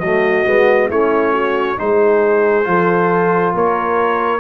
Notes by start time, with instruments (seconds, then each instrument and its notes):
0.00 tuba F#3, trombone A3, horn F#4, trumpet D#5
0.46 tuba G#3, trombone B3
0.89 tuba A3, trombone C#4, horn E4, trumpet C#5
1.33 horn F#4
1.77 tuba G#3, trombone D#4, horn G#4, trumpet C5
2.64 tuba F3, trombone F4, horn A4
3.54 tuba A#3, horn A#4, trumpet C#5